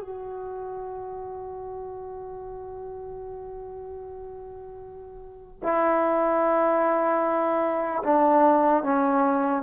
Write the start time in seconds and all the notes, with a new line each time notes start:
0.00 F#4
5.63 E4
8.03 D4
8.83 C#4